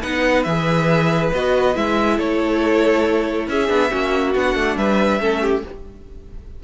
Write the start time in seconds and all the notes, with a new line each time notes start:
0.00 B3 D#4 B4 F#5
0.43 E3 G#4 E5
1.33 B3 F#4 D#5
1.74 G#3 E4 E5
2.17 A3 A4 C#5
3.47 C#4 G#4 E5
3.67 B3 D4
3.90 A#3 C#4 F#4
4.34 B3 D4 F#5
4.54 A3
4.76 G3 B4 E5
5.19 A3 C#4 A4
5.41 G4